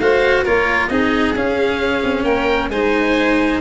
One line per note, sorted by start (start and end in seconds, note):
0.00 0.45 A3
0.00 0.46 F#4
0.00 0.44 C5
0.00 0.45 F5
0.44 0.90 A#3
0.44 0.91 F4
0.44 0.89 A#4
0.44 0.88 C#5
0.88 1.35 C4
0.88 1.36 D#4
0.88 2.24 G#4
0.88 1.33 D#5
1.35 2.03 C#4
1.35 2.72 C#4
1.35 2.24 F5
2.04 2.25 C4
2.24 2.70 A#3
2.24 2.69 A#4
2.24 2.69 G5
2.70 3.60 G#3
2.70 3.62 D#4
2.70 3.62 C5
2.70 3.61 G#5